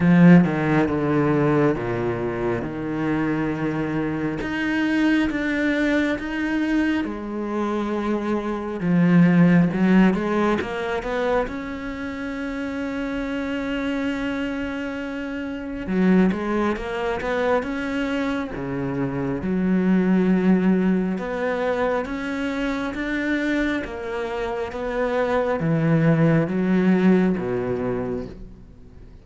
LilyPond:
\new Staff \with { instrumentName = "cello" } { \time 4/4 \tempo 4 = 68 f8 dis8 d4 ais,4 dis4~ | dis4 dis'4 d'4 dis'4 | gis2 f4 fis8 gis8 | ais8 b8 cis'2.~ |
cis'2 fis8 gis8 ais8 b8 | cis'4 cis4 fis2 | b4 cis'4 d'4 ais4 | b4 e4 fis4 b,4 | }